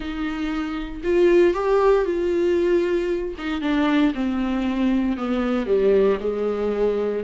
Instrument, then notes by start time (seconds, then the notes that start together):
viola
0.00 D#4
1.03 F4
1.54 G4
2.05 F4
3.38 D#4
3.61 D4
4.14 C4
5.17 B3
5.66 G3
6.20 G#3